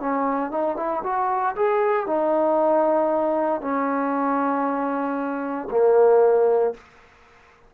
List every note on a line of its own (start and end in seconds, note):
0.00 0.51 C#4
0.51 0.77 D#4
0.77 1.03 E4
1.03 1.55 F#4
1.56 2.06 G#4
2.06 3.62 D#4
3.62 5.68 C#4
5.71 6.74 A#3